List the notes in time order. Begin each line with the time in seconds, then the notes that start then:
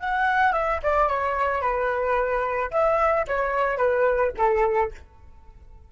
0.00 F#5
0.53 E5
0.83 D5
1.09 C#5
1.62 B4
2.71 E5
3.28 C#5
3.78 B4
4.38 A4